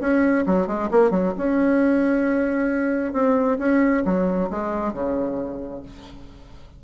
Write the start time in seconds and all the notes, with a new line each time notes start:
0.00 C#4
0.46 F#3
0.67 G#3
0.91 A#3
1.10 F#3
1.37 C#4
3.13 C4
3.58 C#4
4.05 F#3
4.50 G#3
4.93 C#3